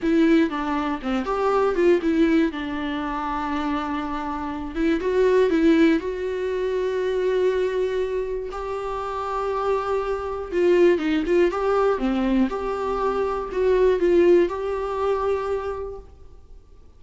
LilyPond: \new Staff \with { instrumentName = "viola" } { \time 4/4 \tempo 4 = 120 e'4 d'4 c'8 g'4 f'8 | e'4 d'2.~ | d'4. e'8 fis'4 e'4 | fis'1~ |
fis'4 g'2.~ | g'4 f'4 dis'8 f'8 g'4 | c'4 g'2 fis'4 | f'4 g'2. | }